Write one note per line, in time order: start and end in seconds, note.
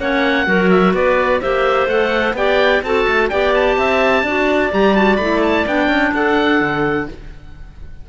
0.00 0.47 A#3
0.00 0.46 C#4
0.00 0.48 C#5
0.00 0.71 F#5
0.46 0.94 F#3
0.46 1.41 F#4
0.46 0.94 A#4
0.71 0.94 E5
0.94 1.41 B3
0.94 1.41 B4
0.94 1.42 D5
1.42 1.87 A#3
1.42 1.89 G4
1.42 2.36 C5
1.42 1.89 E5
1.87 2.34 A3
1.87 2.36 A4
1.87 2.36 F#5
2.34 2.81 B3
2.34 2.84 G4
2.34 2.85 D5
2.34 2.84 G5
2.83 3.06 C4
2.83 3.32 F#4
2.83 3.30 A4
2.83 3.30 A5
3.08 3.31 A3
3.30 3.78 B3
3.30 4.26 G4
3.30 3.77 D5
3.30 3.53 G5
3.55 4.73 A5
3.78 4.23 C4
3.78 4.24 E5
4.23 4.70 D4
4.23 4.72 F#4
4.23 6.13 D5
4.72 5.19 G3
4.72 4.95 G4
4.72 4.96 A#5
4.96 5.19 F#4
4.96 5.16 A5
5.16 5.66 A3
5.16 5.67 E4
5.16 5.40 B5
5.43 5.67 A5
5.67 5.88 B3
5.67 7.08 D4
5.67 6.15 G5
5.88 6.12 C#4
6.14 6.61 D4
6.14 7.09 A4
6.14 7.09 F#5
6.61 7.08 D3